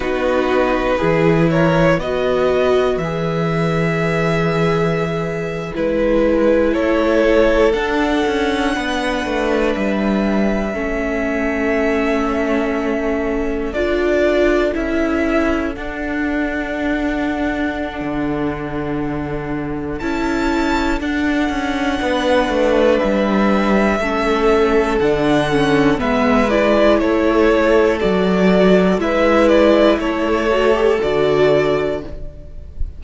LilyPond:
<<
  \new Staff \with { instrumentName = "violin" } { \time 4/4 \tempo 4 = 60 b'4. cis''8 dis''4 e''4~ | e''4.~ e''16 b'4 cis''4 fis''16~ | fis''4.~ fis''16 e''2~ e''16~ | e''4.~ e''16 d''4 e''4 fis''16~ |
fis''1 | a''4 fis''2 e''4~ | e''4 fis''4 e''8 d''8 cis''4 | d''4 e''8 d''8 cis''4 d''4 | }
  \new Staff \with { instrumentName = "violin" } { \time 4/4 fis'4 gis'8 ais'8 b'2~ | b'2~ b'8. a'4~ a'16~ | a'8. b'2 a'4~ a'16~ | a'1~ |
a'1~ | a'2 b'2 | a'2 b'4 a'4~ | a'4 b'4 a'2 | }
  \new Staff \with { instrumentName = "viola" } { \time 4/4 dis'4 e'4 fis'4 gis'4~ | gis'4.~ gis'16 e'2 d'16~ | d'2~ d'8. cis'4~ cis'16~ | cis'4.~ cis'16 f'4 e'4 d'16~ |
d'1 | e'4 d'2. | cis'4 d'8 cis'8 b8 e'4. | fis'4 e'4. fis'16 g'16 fis'4 | }
  \new Staff \with { instrumentName = "cello" } { \time 4/4 b4 e4 b4 e4~ | e4.~ e16 gis4 a4 d'16~ | d'16 cis'8 b8 a8 g4 a4~ a16~ | a4.~ a16 d'4 cis'4 d'16~ |
d'2 d2 | cis'4 d'8 cis'8 b8 a8 g4 | a4 d4 gis4 a4 | fis4 gis4 a4 d4 | }
>>